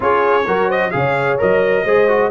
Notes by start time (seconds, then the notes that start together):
0.00 C#4 F4 G#4 C#5
0.46 F#3 F#4 A#4
0.67 C5 D#5
0.90 C#3 G#4 C#5 F5
1.38 F#3 A#4 D#5
1.84 G#3 G#4 C5
2.08 F#4